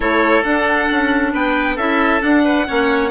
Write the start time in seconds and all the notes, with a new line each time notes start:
0.00 A3 E4 A4 C#5
0.43 D4 F#5
0.91 C#4
1.32 B3 B4 G5
1.75 C#4 E4 A4 E5
2.20 D4 F#5
2.44 B4
2.66 A#3 C#4 C#5